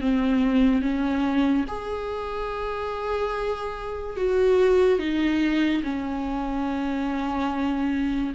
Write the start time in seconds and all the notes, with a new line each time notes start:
0.00 C4
0.81 C#4
1.67 G#4
4.16 F#4
4.98 D#4
5.83 C#4